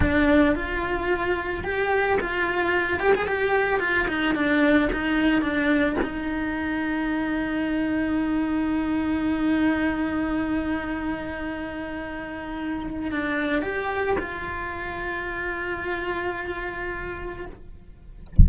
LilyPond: \new Staff \with { instrumentName = "cello" } { \time 4/4 \tempo 4 = 110 d'4 f'2 g'4 | f'4. g'16 gis'16 g'4 f'8 dis'8 | d'4 dis'4 d'4 dis'4~ | dis'1~ |
dis'1~ | dis'1 | d'4 g'4 f'2~ | f'1 | }